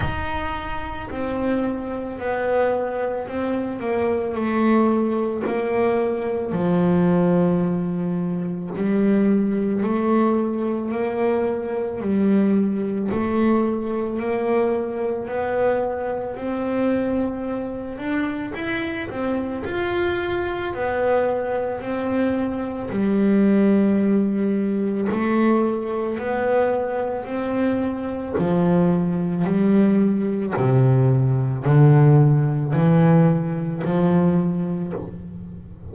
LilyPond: \new Staff \with { instrumentName = "double bass" } { \time 4/4 \tempo 4 = 55 dis'4 c'4 b4 c'8 ais8 | a4 ais4 f2 | g4 a4 ais4 g4 | a4 ais4 b4 c'4~ |
c'8 d'8 e'8 c'8 f'4 b4 | c'4 g2 a4 | b4 c'4 f4 g4 | c4 d4 e4 f4 | }